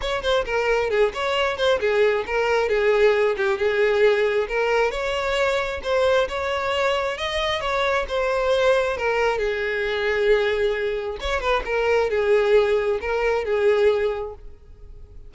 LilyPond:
\new Staff \with { instrumentName = "violin" } { \time 4/4 \tempo 4 = 134 cis''8 c''8 ais'4 gis'8 cis''4 c''8 | gis'4 ais'4 gis'4. g'8 | gis'2 ais'4 cis''4~ | cis''4 c''4 cis''2 |
dis''4 cis''4 c''2 | ais'4 gis'2.~ | gis'4 cis''8 b'8 ais'4 gis'4~ | gis'4 ais'4 gis'2 | }